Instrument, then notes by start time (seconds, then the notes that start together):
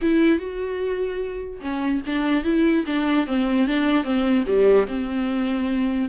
viola
0.01 E4
0.39 F#4
1.61 C#4
2.06 D4
2.44 E4
2.86 D4
3.26 C4
3.67 D4
4.04 C4
4.46 G3
4.87 C4